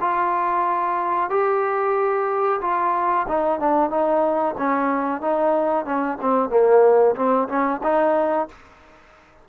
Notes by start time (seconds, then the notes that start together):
0.00 F4
1.30 G4
2.61 F4
3.28 D#4
3.59 D4
3.90 D#4
4.58 C#4
5.21 D#4
5.85 C#4
6.21 C4
6.50 A#3
7.15 C4
7.48 C#4
7.83 D#4